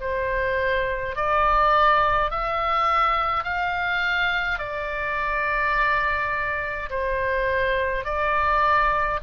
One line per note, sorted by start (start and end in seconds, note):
0.00 1.15 C5
1.15 2.30 D5
2.30 3.44 E5
3.44 4.58 F5
4.58 6.89 D5
6.90 8.04 C5
8.04 9.19 D5